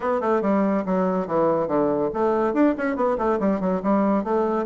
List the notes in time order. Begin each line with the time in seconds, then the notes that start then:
0.00 B3
0.21 A3
0.41 G3
0.85 F#3
1.27 E3
1.67 D3
2.13 A3
2.53 D4
2.77 C#4
2.96 B3
3.18 A3
3.39 G3
3.60 F#3
3.82 G3
4.23 A3